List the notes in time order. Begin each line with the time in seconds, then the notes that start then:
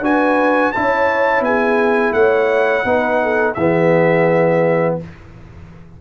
0.00 D4 F#4 B4 G#5
0.72 C#4 E4 C#5 A5
1.40 B3 G#4 G#5
2.12 A3 C#5 F#5
2.84 B3 D#4 B4
3.23 A4
3.54 E3 B3 G#4 E5